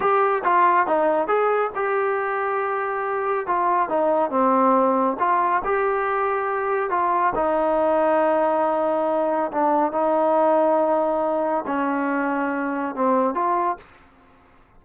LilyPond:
\new Staff \with { instrumentName = "trombone" } { \time 4/4 \tempo 4 = 139 g'4 f'4 dis'4 gis'4 | g'1 | f'4 dis'4 c'2 | f'4 g'2. |
f'4 dis'2.~ | dis'2 d'4 dis'4~ | dis'2. cis'4~ | cis'2 c'4 f'4 | }